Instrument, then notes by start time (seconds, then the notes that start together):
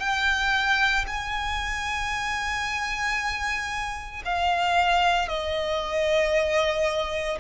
violin
0.00 G5
1.07 G#5
4.25 F5
5.29 D#5